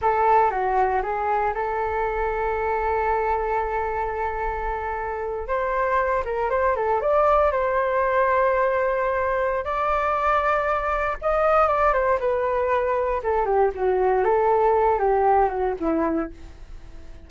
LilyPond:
\new Staff \with { instrumentName = "flute" } { \time 4/4 \tempo 4 = 118 a'4 fis'4 gis'4 a'4~ | a'1~ | a'2~ a'8. c''4~ c''16~ | c''16 ais'8 c''8 a'8 d''4 c''4~ c''16~ |
c''2. d''4~ | d''2 dis''4 d''8 c''8 | b'2 a'8 g'8 fis'4 | a'4. g'4 fis'8 e'4 | }